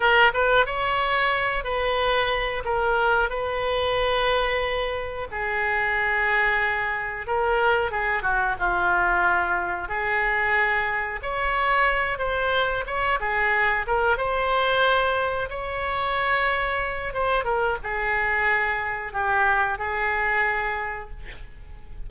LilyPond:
\new Staff \with { instrumentName = "oboe" } { \time 4/4 \tempo 4 = 91 ais'8 b'8 cis''4. b'4. | ais'4 b'2. | gis'2. ais'4 | gis'8 fis'8 f'2 gis'4~ |
gis'4 cis''4. c''4 cis''8 | gis'4 ais'8 c''2 cis''8~ | cis''2 c''8 ais'8 gis'4~ | gis'4 g'4 gis'2 | }